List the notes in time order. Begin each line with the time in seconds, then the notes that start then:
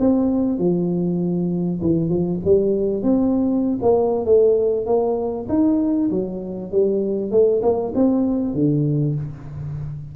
0.00 C4
0.59 F3
1.82 E3
2.09 F3
2.45 G3
3.03 C4
3.82 A#3
4.26 A3
4.86 A#3
5.49 D#4
6.11 F#3
6.72 G3
7.32 A3
7.63 A#3
7.95 C4
8.54 D3